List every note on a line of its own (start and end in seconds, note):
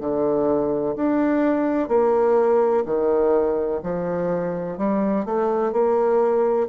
0.00 0.95 D3
0.96 1.88 D4
1.88 2.84 A#3
2.85 3.81 D#3
3.83 4.77 F3
4.77 5.25 G3
5.25 5.72 A3
5.72 6.68 A#3